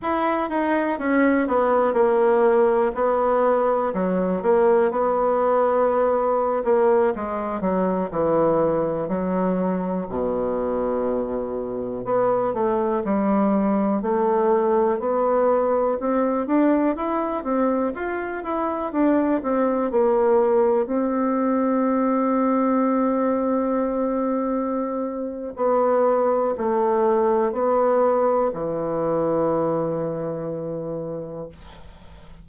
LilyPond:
\new Staff \with { instrumentName = "bassoon" } { \time 4/4 \tempo 4 = 61 e'8 dis'8 cis'8 b8 ais4 b4 | fis8 ais8 b4.~ b16 ais8 gis8 fis16~ | fis16 e4 fis4 b,4.~ b,16~ | b,16 b8 a8 g4 a4 b8.~ |
b16 c'8 d'8 e'8 c'8 f'8 e'8 d'8 c'16~ | c'16 ais4 c'2~ c'8.~ | c'2 b4 a4 | b4 e2. | }